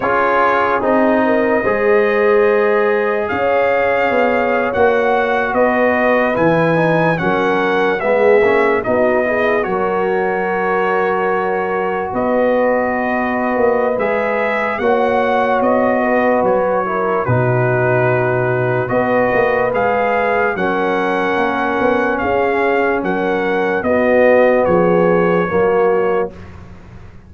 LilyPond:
<<
  \new Staff \with { instrumentName = "trumpet" } { \time 4/4 \tempo 4 = 73 cis''4 dis''2. | f''4.~ f''16 fis''4 dis''4 gis''16~ | gis''8. fis''4 e''4 dis''4 cis''16~ | cis''2~ cis''8. dis''4~ dis''16~ |
dis''4 e''4 fis''4 dis''4 | cis''4 b'2 dis''4 | f''4 fis''2 f''4 | fis''4 dis''4 cis''2 | }
  \new Staff \with { instrumentName = "horn" } { \time 4/4 gis'4. ais'8 c''2 | cis''2~ cis''8. b'4~ b'16~ | b'8. ais'4 gis'4 fis'8 gis'8 ais'16~ | ais'2~ ais'8. b'4~ b'16~ |
b'2 cis''4. b'8~ | b'8 ais'8 fis'2 b'4~ | b'4 ais'2 gis'4 | ais'4 fis'4 gis'4 fis'4 | }
  \new Staff \with { instrumentName = "trombone" } { \time 4/4 f'4 dis'4 gis'2~ | gis'4.~ gis'16 fis'2 e'16~ | e'16 dis'8 cis'4 b8 cis'8 dis'8 e'8 fis'16~ | fis'1~ |
fis'4 gis'4 fis'2~ | fis'8 e'8 dis'2 fis'4 | gis'4 cis'2.~ | cis'4 b2 ais4 | }
  \new Staff \with { instrumentName = "tuba" } { \time 4/4 cis'4 c'4 gis2 | cis'4 b8. ais4 b4 e16~ | e8. fis4 gis8 ais8 b4 fis16~ | fis2~ fis8. b4~ b16~ |
b8 ais8 gis4 ais4 b4 | fis4 b,2 b8 ais8 | gis4 fis4 ais8 b8 cis'4 | fis4 b4 f4 fis4 | }
>>